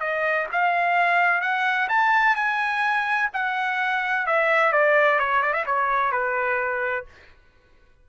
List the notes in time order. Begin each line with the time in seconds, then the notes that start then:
0.00 D#5
0.52 F5
1.41 F#5
1.89 A5
2.36 G#5
3.33 F#5
4.26 E5
4.72 D5
5.19 C#5
5.42 D5
5.53 E5
5.66 C#5
6.12 B4